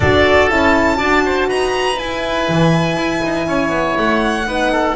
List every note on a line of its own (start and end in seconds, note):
0.00 0.50 D4
0.00 0.50 F#4
0.00 0.97 A4
0.00 0.49 D5
0.50 0.99 C#4
0.50 0.96 E4
0.50 1.49 A5
0.96 1.49 D4
0.96 1.95 F#4
0.96 1.22 D5
1.25 1.48 C5
1.48 1.98 D#4
1.48 3.46 B4
1.48 1.98 A#5
1.97 4.45 E4
1.97 2.47 E4
1.97 3.96 G#5
2.48 2.96 E3
2.96 3.21 E4
3.23 3.47 D#4
3.47 3.69 C#4
3.47 4.47 C#5
3.69 3.94 B3
3.97 4.46 A3
3.97 4.95 F#5
4.45 4.95 B3
4.45 4.95 D#4
4.45 4.71 B4
4.72 4.95 A4